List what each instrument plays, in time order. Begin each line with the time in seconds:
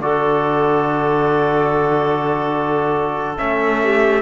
0.00 cello D3, trombone F#4, clarinet A4, trumpet D5
3.38 cello A3, trombone C#4, trumpet E5
3.83 clarinet G4